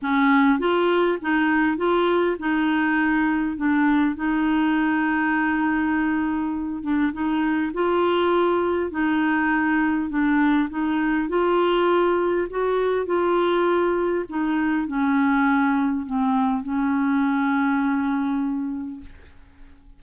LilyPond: \new Staff \with { instrumentName = "clarinet" } { \time 4/4 \tempo 4 = 101 cis'4 f'4 dis'4 f'4 | dis'2 d'4 dis'4~ | dis'2.~ dis'8 d'8 | dis'4 f'2 dis'4~ |
dis'4 d'4 dis'4 f'4~ | f'4 fis'4 f'2 | dis'4 cis'2 c'4 | cis'1 | }